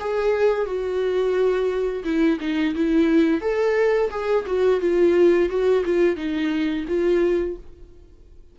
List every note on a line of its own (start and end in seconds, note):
0.00 0.66 G#4
0.66 2.04 F#4
2.04 2.39 E4
2.40 2.75 D#4
2.75 3.41 E4
3.41 4.10 A4
4.11 4.45 G#4
4.46 4.81 F#4
4.81 5.50 F4
5.50 5.84 F#4
5.85 6.17 F4
6.17 6.86 D#4
6.88 7.57 F4